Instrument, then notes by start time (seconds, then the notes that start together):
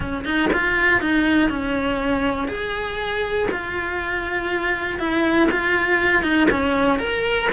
cello
0.00 C#4
0.24 D#4
0.53 F4
1.00 D#4
1.49 C#4
2.48 G#4
3.51 F4
4.99 E4
5.51 F4
6.22 D#4
6.50 C#4
6.99 A#4